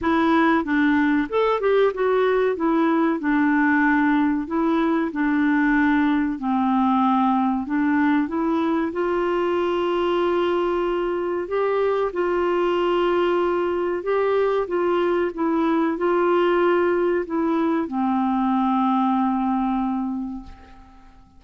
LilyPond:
\new Staff \with { instrumentName = "clarinet" } { \time 4/4 \tempo 4 = 94 e'4 d'4 a'8 g'8 fis'4 | e'4 d'2 e'4 | d'2 c'2 | d'4 e'4 f'2~ |
f'2 g'4 f'4~ | f'2 g'4 f'4 | e'4 f'2 e'4 | c'1 | }